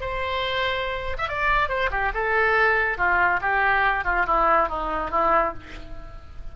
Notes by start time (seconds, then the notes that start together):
0.00 C5
1.17 E5
1.28 D5
1.69 C5
1.90 G4
2.14 A4
2.97 F4
3.41 G4
4.04 F4
4.26 E4
4.68 D#4
5.11 E4